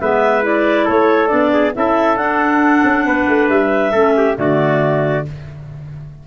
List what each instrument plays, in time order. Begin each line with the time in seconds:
0.00 tuba G#3, clarinet B3 E5, trumpet B4
0.42 clarinet E4 D5
0.85 tuba A3, trumpet A4, clarinet C#5
1.27 tuba B3, clarinet D4 D5
1.53 trumpet G#4
1.75 tuba C#4, clarinet E4 E5, trumpet A4
2.17 tuba D4, clarinet D4 F#5
2.84 tuba C#4
3.06 tuba B3, trumpet B4
3.28 tuba A3
3.48 tuba G3, clarinet E5
3.92 tuba A3, clarinet C#4, trumpet A4
4.17 trumpet G4
4.35 tuba D3, clarinet A3 D5, trumpet F#4